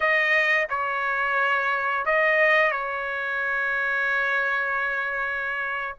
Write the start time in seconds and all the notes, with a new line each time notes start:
0.00 D#5
0.69 C#5
2.05 D#5
2.71 C#5